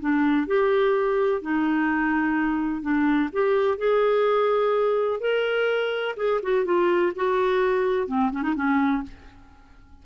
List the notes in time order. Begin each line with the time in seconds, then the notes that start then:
0.00 D4
0.47 G4
1.42 D#4
2.82 D4
3.33 G4
3.78 G#4
5.20 A#4
6.17 G#4
6.43 F#4
6.65 F4
7.16 F#4
8.07 C4
8.32 C#4
8.43 D#4
8.56 C#4